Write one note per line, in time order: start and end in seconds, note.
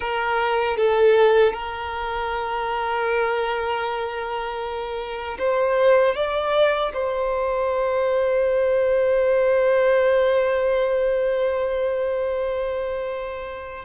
0.00 0.76 A#4
0.76 1.52 A4
1.52 5.37 A#4
5.38 6.15 C5
6.15 6.92 D5
6.93 13.85 C5